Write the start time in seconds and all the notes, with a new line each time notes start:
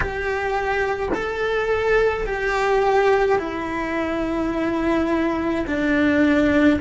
0.00 G4
1.13 A4
2.26 G4
3.38 E4
5.67 D4